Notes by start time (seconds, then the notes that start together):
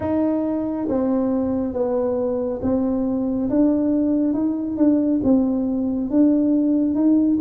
0.00 D#4
0.88 C4
1.73 B3
2.62 C4
3.49 D4
4.33 D#4
4.77 D4
5.23 C4
6.10 D4
6.94 D#4